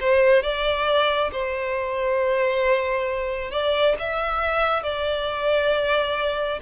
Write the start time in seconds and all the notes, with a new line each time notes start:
0.00 C5
0.42 D5
1.32 C5
3.51 D5
3.99 E5
4.83 D5